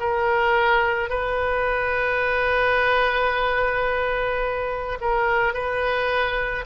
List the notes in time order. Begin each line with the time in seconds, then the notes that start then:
0.00 A#4
1.10 B4
5.01 A#4
5.54 B4